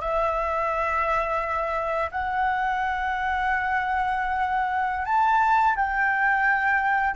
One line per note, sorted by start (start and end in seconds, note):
0.00 2.09 E5
2.11 5.05 F#5
5.05 5.75 A5
5.76 7.15 G5